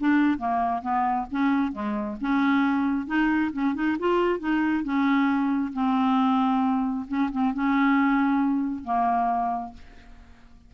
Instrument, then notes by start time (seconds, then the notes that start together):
clarinet
0.00 D4
0.39 A#3
0.82 B3
1.32 C#4
1.73 G#3
2.21 C#4
3.07 D#4
3.53 C#4
3.75 D#4
3.99 F4
4.40 D#4
4.84 C#4
5.73 C4
7.08 C#4
7.32 C4
7.54 C#4
8.85 A#3